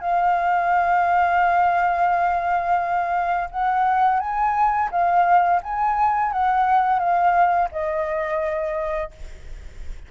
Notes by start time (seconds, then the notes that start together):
0.00 F5
3.50 F#5
4.19 G#5
4.91 F5
5.62 G#5
6.31 F#5
6.99 F5
7.71 D#5